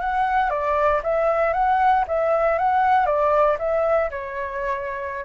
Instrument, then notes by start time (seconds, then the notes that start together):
flute
0.00 F#5
0.50 D5
1.03 E5
1.53 F#5
2.07 E5
2.58 F#5
3.06 D5
3.59 E5
4.10 C#5